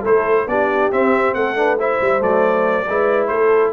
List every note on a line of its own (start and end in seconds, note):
0.00 0.46 A3
0.00 0.47 E4
0.00 0.43 A4
0.00 0.48 C5
0.46 0.90 B3
0.46 0.92 D4
0.46 1.36 G4
0.46 0.91 D5
0.92 1.55 C4
0.92 1.34 C4
0.92 1.34 E5
1.34 1.99 A3
1.34 1.58 A4
1.34 1.77 F#5
1.55 1.77 D4
1.55 1.78 B4
1.78 2.20 E4
1.78 2.87 C5
1.78 2.22 E5
2.00 2.22 G3
2.20 2.87 F#3
2.20 2.85 A3
2.20 3.27 D5
2.88 3.29 G#3
2.88 3.73 E4
2.88 3.30 B4
3.27 3.73 A3
3.27 3.73 A4
3.27 3.70 C5